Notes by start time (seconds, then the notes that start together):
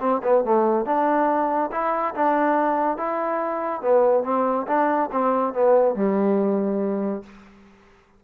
0.00 C4
0.23 B3
0.44 A3
0.85 D4
1.72 E4
2.15 D4
2.97 E4
3.81 B3
4.24 C4
4.67 D4
5.12 C4
5.54 B3
5.95 G3